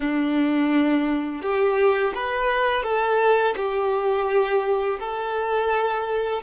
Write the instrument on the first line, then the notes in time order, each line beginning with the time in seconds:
violin
0.00 D4
1.42 G4
2.14 B4
2.83 A4
3.56 G4
4.99 A4